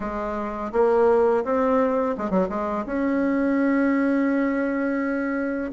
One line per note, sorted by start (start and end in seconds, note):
0.00 0.71 G#3
0.72 1.44 A#3
1.44 2.15 C4
2.17 2.30 G#3
2.30 2.48 F#3
2.49 2.84 G#3
2.85 5.71 C#4